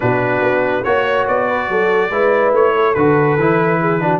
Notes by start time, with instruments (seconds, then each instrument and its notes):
0.00 tuba B2, trombone D4, horn F#4, trumpet B4
0.41 tuba B3
0.83 tuba A#3, trombone F#4, trumpet C#5, horn C#5
1.27 tuba B3, trumpet D5
1.47 horn B4
1.68 tuba F#3, horn A4
2.10 tuba G#3, trombone E4, horn B4
2.52 tuba A3, trumpet C#5
2.75 horn A4
2.94 tuba D3, trombone F#4, trumpet B4
3.37 tuba E3, trombone E4
3.80 horn G#4
4.00 trombone D4, horn F#4